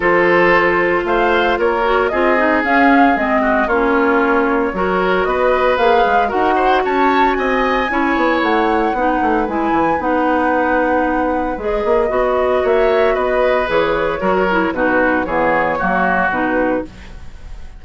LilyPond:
<<
  \new Staff \with { instrumentName = "flute" } { \time 4/4 \tempo 4 = 114 c''2 f''4 cis''4 | dis''4 f''4 dis''4 cis''4~ | cis''2 dis''4 f''4 | fis''4 a''4 gis''2 |
fis''2 gis''4 fis''4~ | fis''2 dis''2 | e''4 dis''4 cis''2 | b'4 cis''2 b'4 | }
  \new Staff \with { instrumentName = "oboe" } { \time 4/4 a'2 c''4 ais'4 | gis'2~ gis'8 fis'8 f'4~ | f'4 ais'4 b'2 | ais'8 c''8 cis''4 dis''4 cis''4~ |
cis''4 b'2.~ | b'1 | cis''4 b'2 ais'4 | fis'4 gis'4 fis'2 | }
  \new Staff \with { instrumentName = "clarinet" } { \time 4/4 f'2.~ f'8 fis'8 | f'8 dis'8 cis'4 c'4 cis'4~ | cis'4 fis'2 gis'4 | fis'2. e'4~ |
e'4 dis'4 e'4 dis'4~ | dis'2 gis'4 fis'4~ | fis'2 gis'4 fis'8 e'8 | dis'4 b4 ais4 dis'4 | }
  \new Staff \with { instrumentName = "bassoon" } { \time 4/4 f2 a4 ais4 | c'4 cis'4 gis4 ais4~ | ais4 fis4 b4 ais8 gis8 | dis'4 cis'4 c'4 cis'8 b8 |
a4 b8 a8 gis8 e8 b4~ | b2 gis8 ais8 b4 | ais4 b4 e4 fis4 | b,4 e4 fis4 b,4 | }
>>